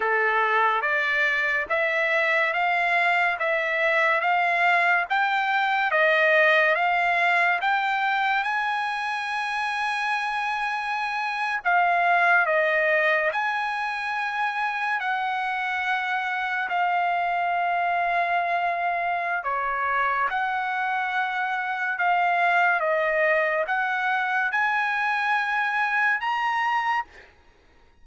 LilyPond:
\new Staff \with { instrumentName = "trumpet" } { \time 4/4 \tempo 4 = 71 a'4 d''4 e''4 f''4 | e''4 f''4 g''4 dis''4 | f''4 g''4 gis''2~ | gis''4.~ gis''16 f''4 dis''4 gis''16~ |
gis''4.~ gis''16 fis''2 f''16~ | f''2. cis''4 | fis''2 f''4 dis''4 | fis''4 gis''2 ais''4 | }